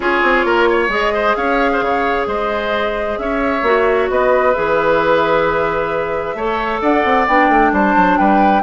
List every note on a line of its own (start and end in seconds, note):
0.00 0.20 C#4
0.00 0.89 F4
0.00 0.45 G#4
0.00 0.89 C#5
0.23 0.44 C4
0.44 0.88 A#3
0.44 0.68 A#4
0.69 1.13 C#5
0.88 1.33 G#3
0.88 3.62 G#4
0.88 1.35 D#5
1.13 1.36 C5
1.35 1.81 C#4
1.35 1.71 C#5
1.35 2.26 F5
1.72 1.84 C5
1.81 2.26 C#3
1.81 2.27 C#5
2.26 3.17 G#3
2.26 3.18 C5
2.26 3.17 D#5
3.17 3.62 C#4
3.17 4.11 C#5
3.17 4.08 E5
3.62 4.08 A#3
3.62 4.54 F#4
4.10 4.55 B3
4.10 6.36 B4
4.10 4.53 D#5
4.53 6.34 E3
4.53 6.36 G#4
4.53 6.80 E5
6.34 6.80 A3
6.34 7.28 A4
6.34 6.81 C#5
6.81 7.04 D4
6.81 7.72 D5
6.81 7.26 F#5
7.04 7.27 C4
7.27 7.49 B3
7.27 8.62 D4
7.27 7.72 G5
7.49 7.71 A3
7.72 7.95 G3
7.72 8.18 C5
7.72 8.17 A5
7.95 8.18 F#3
8.17 8.62 G3
8.17 8.62 B4
8.17 8.62 G5